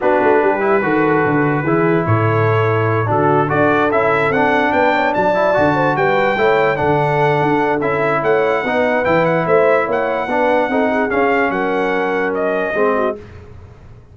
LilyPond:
<<
  \new Staff \with { instrumentName = "trumpet" } { \time 4/4 \tempo 4 = 146 b'1~ | b'4 cis''2~ cis''8 a'8~ | a'8 d''4 e''4 fis''4 g''8~ | g''8 a''2 g''4.~ |
g''8 fis''2~ fis''8 e''4 | fis''2 g''8 fis''8 e''4 | fis''2. f''4 | fis''2 dis''2 | }
  \new Staff \with { instrumentName = "horn" } { \time 4/4 fis'4 g'4 a'2 | gis'4 a'2~ a'8 fis'8~ | fis'8 a'2. b'8 | cis''8 d''4. c''8 b'4 cis''8~ |
cis''8 a'2.~ a'8 | cis''4 b'2 c''4 | cis''4 b'4 a'8 gis'4. | ais'2. gis'8 fis'8 | }
  \new Staff \with { instrumentName = "trombone" } { \time 4/4 d'4. e'8 fis'2 | e'2.~ e'8 d'8~ | d'8 fis'4 e'4 d'4.~ | d'4 e'8 fis'2 e'8~ |
e'8 d'2~ d'8 e'4~ | e'4 dis'4 e'2~ | e'4 d'4 dis'4 cis'4~ | cis'2. c'4 | }
  \new Staff \with { instrumentName = "tuba" } { \time 4/4 b8 a8 g4 dis4 d4 | e4 a,2~ a,8 d8~ | d8 d'4 cis'4 c'4 b8~ | b8 fis4 d4 g4 a8~ |
a8 d4. d'4 cis'4 | a4 b4 e4 a4 | ais4 b4 c'4 cis'4 | fis2. gis4 | }
>>